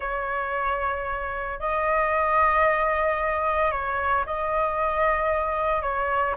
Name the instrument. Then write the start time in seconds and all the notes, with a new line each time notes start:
flute
0.00 C#5
1.59 D#5
3.71 C#5
4.26 D#5
5.82 C#5